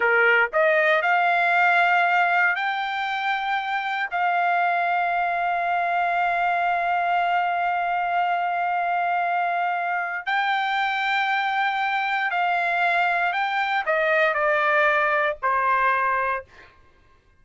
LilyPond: \new Staff \with { instrumentName = "trumpet" } { \time 4/4 \tempo 4 = 117 ais'4 dis''4 f''2~ | f''4 g''2. | f''1~ | f''1~ |
f''1 | g''1 | f''2 g''4 dis''4 | d''2 c''2 | }